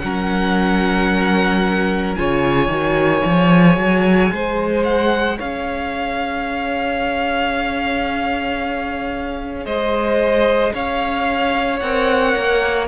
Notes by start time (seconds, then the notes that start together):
0.00 F#3 C#4 A#4 F#5
2.16 C#3 F4 C#5 G#5
2.68 D#3 F#4
3.23 F3 G#4
3.77 F#3
4.32 G#3 C5
4.85 F#5
5.38 C#4 C#5 F5
9.66 G#3 C5 D#5
10.74 C#4 C#5 F5
11.80 C4 A#4 F#5
12.36 A#3